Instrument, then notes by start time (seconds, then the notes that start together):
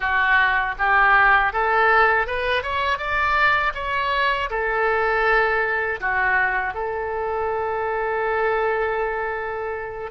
oboe
0.00 F#4
0.78 G4
1.52 A4
2.27 B4
2.62 C#5
2.98 D5
3.74 C#5
4.50 A4
6.00 F#4
6.74 A4